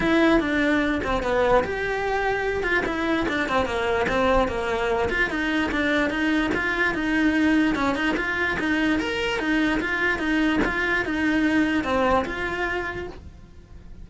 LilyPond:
\new Staff \with { instrumentName = "cello" } { \time 4/4 \tempo 4 = 147 e'4 d'4. c'8 b4 | g'2~ g'8 f'8 e'4 | d'8 c'8 ais4 c'4 ais4~ | ais8 f'8 dis'4 d'4 dis'4 |
f'4 dis'2 cis'8 dis'8 | f'4 dis'4 ais'4 dis'4 | f'4 dis'4 f'4 dis'4~ | dis'4 c'4 f'2 | }